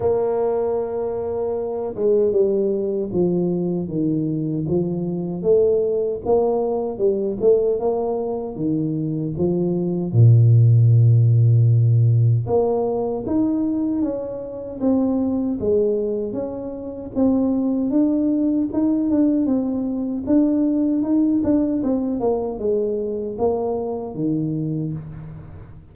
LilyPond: \new Staff \with { instrumentName = "tuba" } { \time 4/4 \tempo 4 = 77 ais2~ ais8 gis8 g4 | f4 dis4 f4 a4 | ais4 g8 a8 ais4 dis4 | f4 ais,2. |
ais4 dis'4 cis'4 c'4 | gis4 cis'4 c'4 d'4 | dis'8 d'8 c'4 d'4 dis'8 d'8 | c'8 ais8 gis4 ais4 dis4 | }